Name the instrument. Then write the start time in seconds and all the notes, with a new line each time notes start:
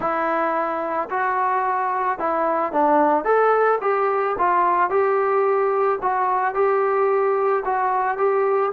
trombone
0.00 E4
1.09 F#4
2.18 E4
2.72 D4
3.24 A4
3.81 G4
4.38 F4
4.89 G4
6.01 F#4
6.54 G4
7.65 F#4
8.17 G4